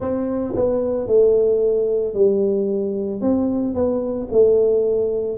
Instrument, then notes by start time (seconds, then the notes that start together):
tuba
0.00 C4
0.56 B3
1.07 A3
2.14 G3
3.21 C4
3.74 B3
4.31 A3